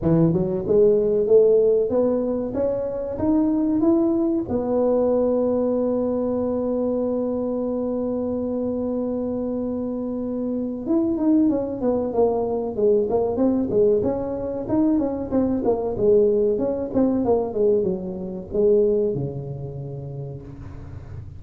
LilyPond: \new Staff \with { instrumentName = "tuba" } { \time 4/4 \tempo 4 = 94 e8 fis8 gis4 a4 b4 | cis'4 dis'4 e'4 b4~ | b1~ | b1~ |
b4 e'8 dis'8 cis'8 b8 ais4 | gis8 ais8 c'8 gis8 cis'4 dis'8 cis'8 | c'8 ais8 gis4 cis'8 c'8 ais8 gis8 | fis4 gis4 cis2 | }